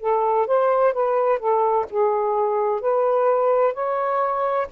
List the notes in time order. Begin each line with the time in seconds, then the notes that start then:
0.00 A4
0.46 C5
0.93 B4
1.38 A4
1.90 G#4
2.80 B4
3.73 C#5